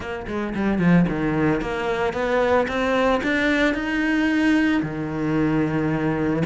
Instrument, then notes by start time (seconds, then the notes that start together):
cello
0.00 A#3
0.27 G#3
0.54 G3
0.79 F3
1.08 D#3
1.61 A#3
2.13 B3
2.67 C4
3.23 D4
3.74 D#4
4.82 D#3